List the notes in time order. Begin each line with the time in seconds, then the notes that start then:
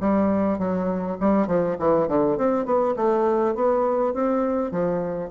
0.00 G3
0.59 F#3
1.20 G3
1.47 F3
1.79 E3
2.08 D3
2.38 C4
2.66 B3
2.96 A3
3.55 B3
4.14 C4
4.71 F3